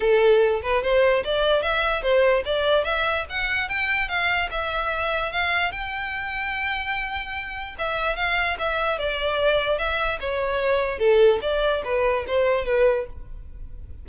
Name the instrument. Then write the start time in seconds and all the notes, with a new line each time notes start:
violin
0.00 A4
0.62 B4
0.82 C5
1.24 D5
1.62 E5
2.02 C5
2.45 D5
2.84 E5
3.29 F#5
3.68 G5
4.08 F5
4.50 E5
5.32 F5
5.71 G5
7.78 E5
8.15 F5
8.58 E5
8.98 D5
9.78 E5
10.19 C#5
10.98 A4
11.41 D5
11.84 B4
12.27 C5
12.65 B4